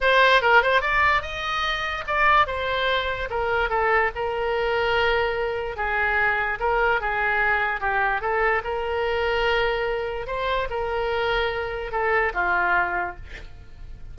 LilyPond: \new Staff \with { instrumentName = "oboe" } { \time 4/4 \tempo 4 = 146 c''4 ais'8 c''8 d''4 dis''4~ | dis''4 d''4 c''2 | ais'4 a'4 ais'2~ | ais'2 gis'2 |
ais'4 gis'2 g'4 | a'4 ais'2.~ | ais'4 c''4 ais'2~ | ais'4 a'4 f'2 | }